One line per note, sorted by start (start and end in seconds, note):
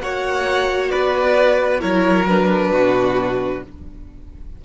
0.00 0.92 A#3
0.00 1.80 F#4
0.00 0.91 C#5
0.00 0.90 F#5
0.90 1.83 B3
0.90 1.81 B4
0.90 1.81 D5
1.80 2.72 F#3
1.80 2.26 E4
1.80 2.72 A#4
1.80 2.27 C#5
2.27 3.65 D4
2.27 3.64 B4
2.72 3.63 B2
2.72 3.63 F#4